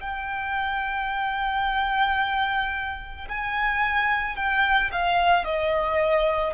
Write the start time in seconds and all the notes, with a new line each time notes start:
0.00 G5
3.28 G#5
4.36 G5
4.91 F5
5.44 D#5